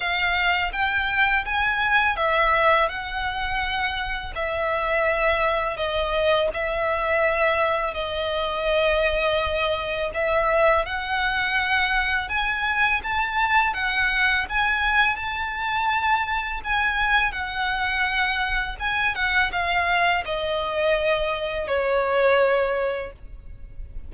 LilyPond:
\new Staff \with { instrumentName = "violin" } { \time 4/4 \tempo 4 = 83 f''4 g''4 gis''4 e''4 | fis''2 e''2 | dis''4 e''2 dis''4~ | dis''2 e''4 fis''4~ |
fis''4 gis''4 a''4 fis''4 | gis''4 a''2 gis''4 | fis''2 gis''8 fis''8 f''4 | dis''2 cis''2 | }